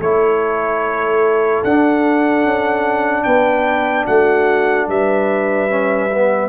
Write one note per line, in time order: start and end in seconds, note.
0.00 1.62 A3
0.00 1.66 E4
0.00 3.25 A4
0.00 1.64 C#5
1.64 2.44 D4
1.64 5.70 D4
1.64 3.24 F#5
2.44 3.25 C#4
3.24 4.07 B3
3.24 4.05 B4
3.24 4.05 G5
4.05 4.88 A3
4.05 4.86 F#4
4.05 4.87 F#5
4.88 6.49 G3
4.88 6.49 B4
4.88 6.49 E5
5.70 6.10 C#4
6.11 6.49 B3